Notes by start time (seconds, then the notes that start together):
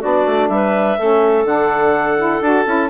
0.00 B3 D4 F#4 D5
0.26 A3
0.48 G3 B4 E5
0.98 A3 C#4 A4
1.44 D3 D4 F#5
2.17 E4
2.41 D4 F#4 A5
2.65 C#4 E4